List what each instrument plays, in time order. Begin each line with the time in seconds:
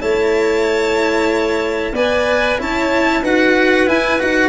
0.00 tuba A3, cello E4, clarinet C#5, violin A5
1.93 tuba B3, cello B4, clarinet D5, violin G#5
2.59 tuba C#4, cello E4, clarinet C#5, violin A5
3.22 tuba D#4, cello F#4, clarinet B4, violin F#5
3.87 cello E4, tuba E4, violin G#5
4.19 tuba D#4, cello F#4, violin F#5